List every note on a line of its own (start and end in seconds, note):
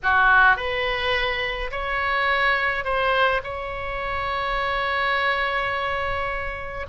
0.03 0.56 F#4
0.56 1.70 B4
1.71 2.84 C#5
2.84 3.41 C5
3.43 6.86 C#5